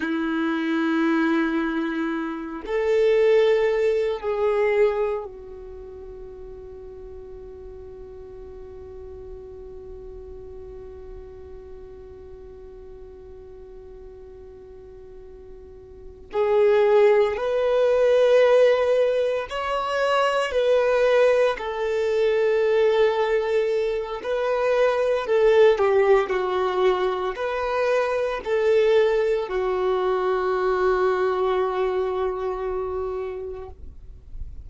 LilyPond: \new Staff \with { instrumentName = "violin" } { \time 4/4 \tempo 4 = 57 e'2~ e'8 a'4. | gis'4 fis'2.~ | fis'1~ | fis'2.~ fis'8 gis'8~ |
gis'8 b'2 cis''4 b'8~ | b'8 a'2~ a'8 b'4 | a'8 g'8 fis'4 b'4 a'4 | fis'1 | }